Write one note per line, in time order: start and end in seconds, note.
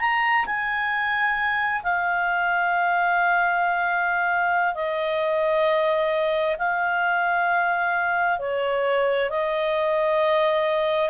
0.00 0.45 A#5
0.46 1.83 G#5
1.83 4.75 F5
4.75 6.57 D#5
6.59 8.39 F5
8.39 9.30 C#5
9.30 11.10 D#5